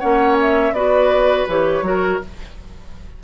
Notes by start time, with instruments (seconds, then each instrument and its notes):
0.00 bassoon A#3, clarinet C#4, oboe C#5, flute F#5
0.41 flute E5
0.73 bassoon B3, clarinet F#4, oboe B4, flute D5
1.48 bassoon E3, clarinet G4, flute C#5
1.82 bassoon F#3, clarinet F#4, oboe A#4